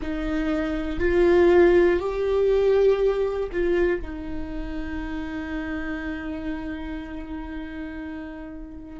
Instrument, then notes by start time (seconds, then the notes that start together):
viola
0.01 D#4
0.99 F4
1.99 G4
3.51 F4
4.01 D#4